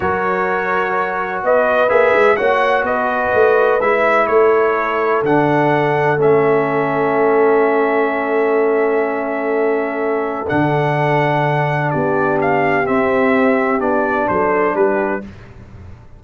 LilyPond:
<<
  \new Staff \with { instrumentName = "trumpet" } { \time 4/4 \tempo 4 = 126 cis''2. dis''4 | e''4 fis''4 dis''2 | e''4 cis''2 fis''4~ | fis''4 e''2.~ |
e''1~ | e''2 fis''2~ | fis''4 d''4 f''4 e''4~ | e''4 d''4 c''4 b'4 | }
  \new Staff \with { instrumentName = "horn" } { \time 4/4 ais'2. b'4~ | b'4 cis''4 b'2~ | b'4 a'2.~ | a'1~ |
a'1~ | a'1~ | a'4 g'2.~ | g'2 a'4 g'4 | }
  \new Staff \with { instrumentName = "trombone" } { \time 4/4 fis'1 | gis'4 fis'2. | e'2. d'4~ | d'4 cis'2.~ |
cis'1~ | cis'2 d'2~ | d'2. c'4~ | c'4 d'2. | }
  \new Staff \with { instrumentName = "tuba" } { \time 4/4 fis2. b4 | ais8 gis8 ais4 b4 a4 | gis4 a2 d4~ | d4 a2.~ |
a1~ | a2 d2~ | d4 b2 c'4~ | c'4 b4 fis4 g4 | }
>>